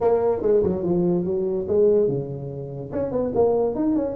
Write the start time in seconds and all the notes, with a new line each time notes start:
0.00 A#3
0.42 G#3
0.63 F#3
0.83 F3
1.24 F#3
1.68 G#3
2.08 C#3
2.92 C#4
3.11 B3
3.34 A#3
3.75 D#4
3.95 C#4